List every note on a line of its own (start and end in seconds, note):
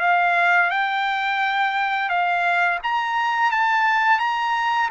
0.00 0.70 F5
0.70 2.09 G5
2.09 2.78 F5
2.83 3.51 A#5
3.51 4.19 A5
4.19 4.89 A#5